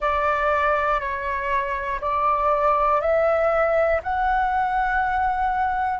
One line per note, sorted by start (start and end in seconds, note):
0.00 1.00 D5
1.00 2.00 C#5
2.00 3.00 D5
3.00 4.00 E5
4.03 5.99 F#5